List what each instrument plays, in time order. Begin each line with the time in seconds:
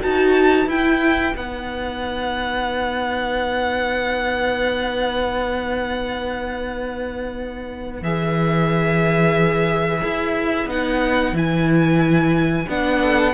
0.00 cello D#4, viola F#4, violin B4 A5
0.67 cello E4, viola E4, violin G5
1.35 cello B3, viola D#4, violin F#5
8.02 cello E3, viola G#4, violin E5
10.03 cello E4
10.66 cello B3, viola D#4, violin F#5
11.32 cello E3, viola E4, violin G#5
12.68 cello B3, viola D4, violin F#5
13.02 violin A4